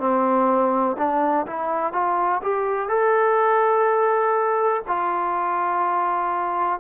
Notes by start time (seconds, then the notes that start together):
0.00 C4
0.98 D4
1.47 E4
1.93 F4
2.42 G4
2.89 A4
4.88 F4